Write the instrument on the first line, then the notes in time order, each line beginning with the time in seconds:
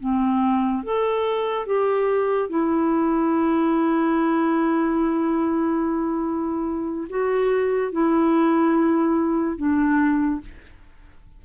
clarinet
0.00 C4
0.84 A4
1.66 G4
2.49 E4
7.09 F#4
7.92 E4
9.57 D4